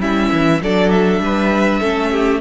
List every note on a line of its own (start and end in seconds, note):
0.00 0.30 G3
0.00 0.60 C#4
0.00 0.61 E4
0.00 0.61 E5
0.32 0.62 E3
0.62 1.20 F#3
0.62 1.82 D4
0.62 1.23 A4
0.62 0.91 D5
0.91 2.41 E5
1.20 1.80 G3
1.20 1.81 B4
1.81 2.41 A3
1.81 2.41 C#4
1.81 2.11 A4
2.11 2.41 G4